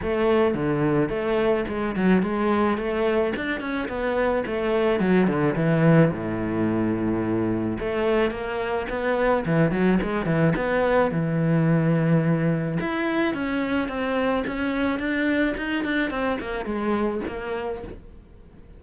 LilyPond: \new Staff \with { instrumentName = "cello" } { \time 4/4 \tempo 4 = 108 a4 d4 a4 gis8 fis8 | gis4 a4 d'8 cis'8 b4 | a4 fis8 d8 e4 a,4~ | a,2 a4 ais4 |
b4 e8 fis8 gis8 e8 b4 | e2. e'4 | cis'4 c'4 cis'4 d'4 | dis'8 d'8 c'8 ais8 gis4 ais4 | }